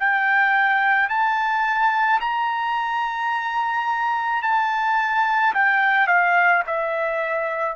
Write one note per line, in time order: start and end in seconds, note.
0.00 1.10 G5
1.10 2.21 A5
2.21 4.43 A#5
4.43 5.54 A5
5.55 6.08 G5
6.08 6.63 F5
6.67 7.77 E5